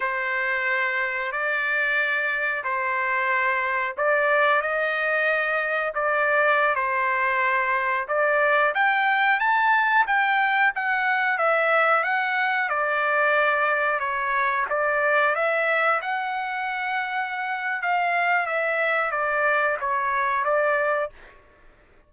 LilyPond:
\new Staff \with { instrumentName = "trumpet" } { \time 4/4 \tempo 4 = 91 c''2 d''2 | c''2 d''4 dis''4~ | dis''4 d''4~ d''16 c''4.~ c''16~ | c''16 d''4 g''4 a''4 g''8.~ |
g''16 fis''4 e''4 fis''4 d''8.~ | d''4~ d''16 cis''4 d''4 e''8.~ | e''16 fis''2~ fis''8. f''4 | e''4 d''4 cis''4 d''4 | }